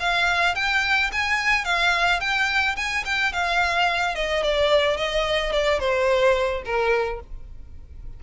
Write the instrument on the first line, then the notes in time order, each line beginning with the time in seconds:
violin
0.00 F5
0.55 G5
1.13 G#5
1.65 F5
2.20 G5
2.77 G#5
3.05 G5
3.33 F5
4.15 D#5
4.43 D5
4.97 D#5
5.53 D5
5.80 C5
6.65 A#4